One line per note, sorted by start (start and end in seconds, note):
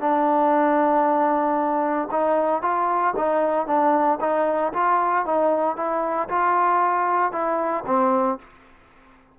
0.00 2.09 D4
2.11 2.62 D#4
2.62 3.14 F4
3.17 3.67 D#4
3.67 4.19 D4
4.21 4.73 D#4
4.73 5.26 F4
5.26 5.76 D#4
5.76 6.28 E4
6.29 7.32 F4
7.32 7.84 E4
7.87 8.39 C4